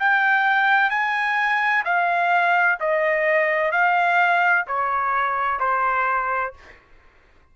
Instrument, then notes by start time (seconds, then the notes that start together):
trumpet
0.00 G5
0.90 G#5
1.85 F5
2.80 D#5
3.72 F5
4.67 C#5
5.60 C5